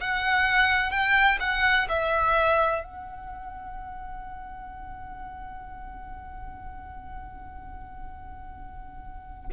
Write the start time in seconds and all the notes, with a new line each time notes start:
0.00 F#5
0.90 G5
1.39 F#5
1.88 E5
2.83 F#5